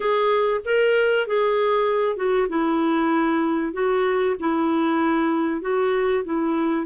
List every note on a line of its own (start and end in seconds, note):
0.00 0.60 G#4
0.64 1.27 A#4
1.27 2.16 G#4
2.16 2.47 F#4
2.49 3.73 E4
3.73 4.35 F#4
4.39 5.61 E4
5.61 6.23 F#4
6.24 6.86 E4